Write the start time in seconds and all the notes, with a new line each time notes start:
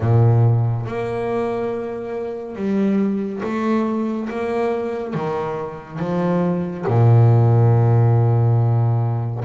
0.00 A#2
0.86 A#3
2.55 G3
3.43 A3
4.29 A#3
5.14 D#3
5.99 F3
6.86 A#2